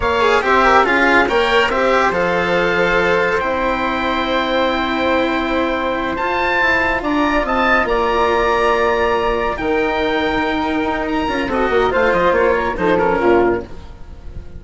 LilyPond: <<
  \new Staff \with { instrumentName = "oboe" } { \time 4/4 \tempo 4 = 141 f''4 e''4 f''4 g''4 | e''4 f''2. | g''1~ | g''2~ g''8 a''4.~ |
a''8 ais''4 a''4 ais''4.~ | ais''2~ ais''8 g''4.~ | g''2 ais''4 dis''4 | f''8 dis''8 cis''4 c''8 ais'4. | }
  \new Staff \with { instrumentName = "flute" } { \time 4/4 cis''4 c''8 ais'8 gis'4 cis''4 | c''1~ | c''1~ | c''1~ |
c''8 d''4 dis''4 d''4.~ | d''2~ d''8 ais'4.~ | ais'2. a'8 ais'8 | c''4. ais'8 a'4 f'4 | }
  \new Staff \with { instrumentName = "cello" } { \time 4/4 ais'8 gis'8 g'4 f'4 ais'4 | g'4 a'2. | e'1~ | e'2~ e'8 f'4.~ |
f'1~ | f'2~ f'8 dis'4.~ | dis'2~ dis'8 f'8 fis'4 | f'2 dis'8 cis'4. | }
  \new Staff \with { instrumentName = "bassoon" } { \time 4/4 ais4 c'4 cis'4 ais4 | c'4 f2. | c'1~ | c'2~ c'8 f'4 e'8~ |
e'8 d'4 c'4 ais4.~ | ais2~ ais8 dis4.~ | dis4. dis'4 cis'8 c'8 ais8 | a8 f8 ais4 f4 ais,4 | }
>>